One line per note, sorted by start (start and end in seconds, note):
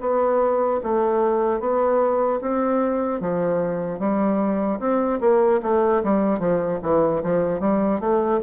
0.00 0.80 B3
0.83 1.60 A3
1.60 2.40 B3
2.41 3.20 C4
3.20 3.99 F3
3.99 4.79 G3
4.79 5.19 C4
5.20 5.60 A#3
5.62 6.02 A3
6.03 6.39 G3
6.39 6.79 F3
6.82 7.22 E3
7.23 7.60 F3
7.60 8.00 G3
8.00 8.40 A3